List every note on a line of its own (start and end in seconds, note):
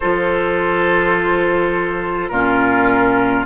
0.00 2.30 F3
0.00 2.32 F4
0.00 2.31 A4
0.00 2.28 C5
2.28 3.45 A#2
2.28 3.45 C#4
2.28 3.45 F4
2.28 3.44 A#4